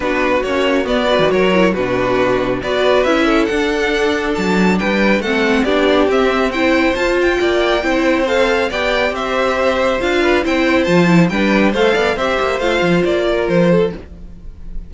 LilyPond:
<<
  \new Staff \with { instrumentName = "violin" } { \time 4/4 \tempo 4 = 138 b'4 cis''4 d''4 cis''4 | b'2 d''4 e''4 | fis''2 a''4 g''4 | fis''4 d''4 e''4 g''4 |
a''8 g''2~ g''8 f''4 | g''4 e''2 f''4 | g''4 a''4 g''4 f''4 | e''4 f''4 d''4 c''4 | }
  \new Staff \with { instrumentName = "violin" } { \time 4/4 fis'2~ fis'8 b'8 ais'4 | fis'2 b'4. a'8~ | a'2. b'4 | a'4 g'2 c''4~ |
c''4 d''4 c''2 | d''4 c''2~ c''8 b'8 | c''2 b'4 c''8 d''8 | c''2~ c''8 ais'4 a'8 | }
  \new Staff \with { instrumentName = "viola" } { \time 4/4 d'4 cis'4 b8 fis'4 e'8 | d'2 fis'4 e'4 | d'1 | c'4 d'4 c'4 e'4 |
f'2 e'4 a'4 | g'2. f'4 | e'4 f'8 e'8 d'4 a'4 | g'4 f'2. | }
  \new Staff \with { instrumentName = "cello" } { \time 4/4 b4 ais4 b8. dis16 fis4 | b,2 b4 cis'4 | d'2 fis4 g4 | a4 b4 c'2 |
f'4 ais4 c'2 | b4 c'2 d'4 | c'4 f4 g4 a8 b8 | c'8 ais8 a8 f8 ais4 f4 | }
>>